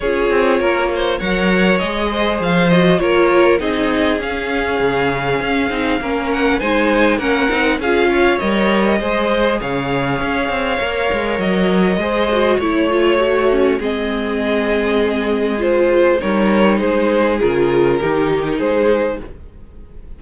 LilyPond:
<<
  \new Staff \with { instrumentName = "violin" } { \time 4/4 \tempo 4 = 100 cis''2 fis''4 dis''4 | f''8 dis''8 cis''4 dis''4 f''4~ | f''2~ f''8 fis''8 gis''4 | fis''4 f''4 dis''2 |
f''2. dis''4~ | dis''4 cis''2 dis''4~ | dis''2 c''4 cis''4 | c''4 ais'2 c''4 | }
  \new Staff \with { instrumentName = "violin" } { \time 4/4 gis'4 ais'8 c''8 cis''4. c''8~ | c''4 ais'4 gis'2~ | gis'2 ais'4 c''4 | ais'4 gis'8 cis''4. c''4 |
cis''1 | c''4 cis''4. cis'8 gis'4~ | gis'2. ais'4 | gis'2 g'4 gis'4 | }
  \new Staff \with { instrumentName = "viola" } { \time 4/4 f'2 ais'4 gis'4~ | gis'8 fis'8 f'4 dis'4 cis'4~ | cis'4. dis'8 cis'4 dis'4 | cis'8 dis'8 f'4 ais'4 gis'4~ |
gis'2 ais'2 | gis'8 fis'8 e'8 f'8 fis'4 c'4~ | c'2 f'4 dis'4~ | dis'4 f'4 dis'2 | }
  \new Staff \with { instrumentName = "cello" } { \time 4/4 cis'8 c'8 ais4 fis4 gis4 | f4 ais4 c'4 cis'4 | cis4 cis'8 c'8 ais4 gis4 | ais8 c'8 cis'4 g4 gis4 |
cis4 cis'8 c'8 ais8 gis8 fis4 | gis4 a2 gis4~ | gis2. g4 | gis4 cis4 dis4 gis4 | }
>>